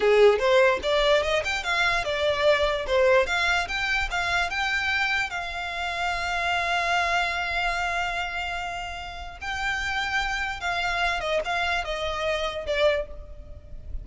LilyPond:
\new Staff \with { instrumentName = "violin" } { \time 4/4 \tempo 4 = 147 gis'4 c''4 d''4 dis''8 g''8 | f''4 d''2 c''4 | f''4 g''4 f''4 g''4~ | g''4 f''2.~ |
f''1~ | f''2. g''4~ | g''2 f''4. dis''8 | f''4 dis''2 d''4 | }